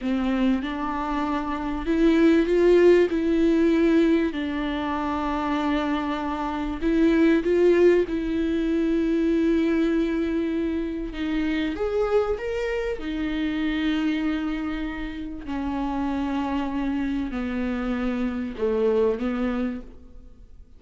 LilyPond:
\new Staff \with { instrumentName = "viola" } { \time 4/4 \tempo 4 = 97 c'4 d'2 e'4 | f'4 e'2 d'4~ | d'2. e'4 | f'4 e'2.~ |
e'2 dis'4 gis'4 | ais'4 dis'2.~ | dis'4 cis'2. | b2 a4 b4 | }